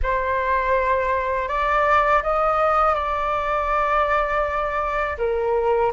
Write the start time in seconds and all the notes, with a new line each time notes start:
0.02 C5
1.48 D5
2.23 D#5
2.95 D5
5.18 A#4